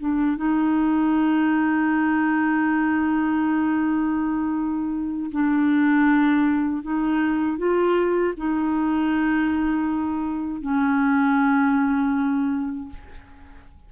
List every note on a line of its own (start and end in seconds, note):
0.00 0.37 D4
0.37 5.31 D#4
5.32 6.83 D4
6.83 7.58 D#4
7.58 8.34 F4
8.37 10.62 D#4
10.62 12.89 C#4